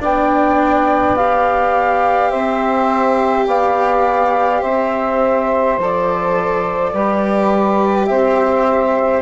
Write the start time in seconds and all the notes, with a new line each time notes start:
0.00 B3 D4 D5 G5
1.16 G4 F5
2.30 C4 C5 E5
3.46 B3 D5 F5
4.61 C4 C5 E5
5.78 F3 A4 D5
6.92 G3 G4 B4
8.06 C4 C5 E5